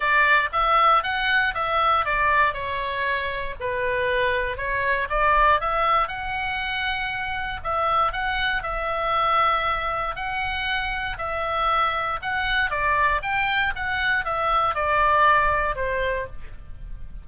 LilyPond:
\new Staff \with { instrumentName = "oboe" } { \time 4/4 \tempo 4 = 118 d''4 e''4 fis''4 e''4 | d''4 cis''2 b'4~ | b'4 cis''4 d''4 e''4 | fis''2. e''4 |
fis''4 e''2. | fis''2 e''2 | fis''4 d''4 g''4 fis''4 | e''4 d''2 c''4 | }